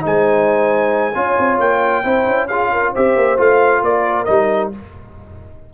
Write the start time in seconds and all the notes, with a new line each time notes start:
0.00 G#3 D#4 C5 G#5
1.14 C#4 F4 C#5
1.38 C4
1.59 A#3 G5
2.03 C4 E4 C5
2.26 C#4
2.48 F4 G#4 F5
2.72 A#4
2.92 C4 G4 C5 E5
3.16 A#3
3.37 A3 F4 F5
3.82 A#3 A#4 D5
4.25 G3 D#4 D#5